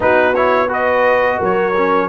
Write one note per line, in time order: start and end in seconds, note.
0.00 1.40 B3
0.00 0.34 D#4
0.00 0.67 F#4
0.00 0.34 B4
0.34 0.68 E4
0.34 0.69 C#5
0.67 1.73 F#4
0.67 1.37 B4
0.67 1.42 D#5
1.39 2.08 F#3
1.39 2.08 A#4
1.39 2.08 C#5
1.76 2.08 C#4